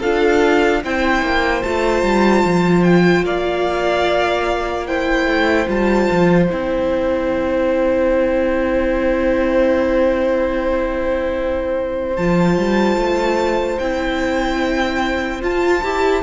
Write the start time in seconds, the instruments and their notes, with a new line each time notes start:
0.00 cello D4, viola F4, violin A4 F5
0.84 cello C4, viola E4, violin C5 G5
1.22 cello A#3
1.63 cello A3, viola F4, violin A5
2.03 cello G3
2.46 cello F3
2.84 violin G5
3.24 cello A#3, violin D5 F5
4.87 viola E4, violin C5 G5
5.26 cello A3
5.68 cello G3, viola F4, violin A5
6.11 cello F3
6.50 cello C4, viola E4, violin G5
12.17 cello F3, viola F4, violin A5
12.58 cello G3
12.97 cello A3
13.79 cello C4, viola E4, violin G5
15.42 viola F4, cello F4, violin A5
15.83 cello E4, viola G4